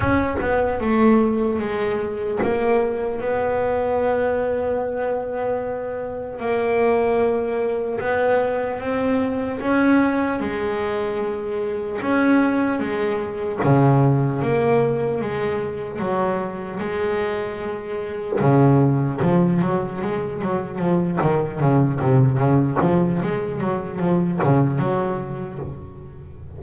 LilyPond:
\new Staff \with { instrumentName = "double bass" } { \time 4/4 \tempo 4 = 75 cis'8 b8 a4 gis4 ais4 | b1 | ais2 b4 c'4 | cis'4 gis2 cis'4 |
gis4 cis4 ais4 gis4 | fis4 gis2 cis4 | f8 fis8 gis8 fis8 f8 dis8 cis8 c8 | cis8 f8 gis8 fis8 f8 cis8 fis4 | }